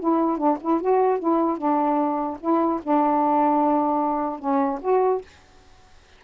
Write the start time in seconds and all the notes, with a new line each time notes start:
0.00 E4
0.38 D4
0.61 E4
0.81 F#4
1.20 E4
1.58 D4
2.41 E4
2.83 D4
4.40 C#4
4.82 F#4